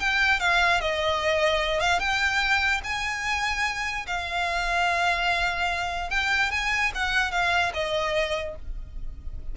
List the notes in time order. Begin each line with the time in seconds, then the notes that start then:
0.00 G5
0.40 F5
0.81 D#5
1.80 F5
2.00 G5
2.84 G#5
4.07 F5
6.10 G5
6.51 G#5
6.95 F#5
7.32 F5
7.74 D#5